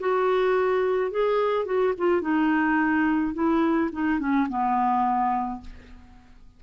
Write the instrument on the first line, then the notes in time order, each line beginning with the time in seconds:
clarinet
0.00 F#4
1.11 G#4
1.66 F#4
1.98 F4
2.22 D#4
3.34 E4
3.93 D#4
4.20 C#4
4.50 B3